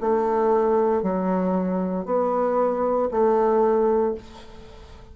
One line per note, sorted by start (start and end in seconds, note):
0.00 1.03 A3
1.03 2.05 F#3
2.05 3.08 B3
3.11 4.14 A3